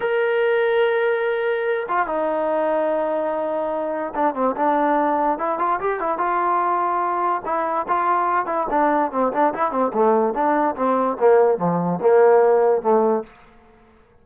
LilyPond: \new Staff \with { instrumentName = "trombone" } { \time 4/4 \tempo 4 = 145 ais'1~ | ais'8 f'8 dis'2.~ | dis'2 d'8 c'8 d'4~ | d'4 e'8 f'8 g'8 e'8 f'4~ |
f'2 e'4 f'4~ | f'8 e'8 d'4 c'8 d'8 e'8 c'8 | a4 d'4 c'4 ais4 | f4 ais2 a4 | }